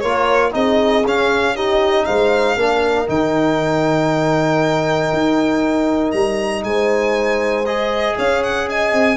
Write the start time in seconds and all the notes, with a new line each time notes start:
0.00 A#3 F4 A#4 C#5
0.52 C4 D#4 G#4 D#5
1.05 C#4 F5
1.55 D#4 G4 D#5
2.05 G#3 C5 F5
2.57 A#3 D4 A#4
3.07 D#3 D#4 G5
5.12 D#4
6.11 G3 A#5
6.64 G#3 C5 G#5
7.65 G#4 D#5
8.17 C#4 C#5 F5
8.43 F#5
8.69 D#5 G#5
8.93 C4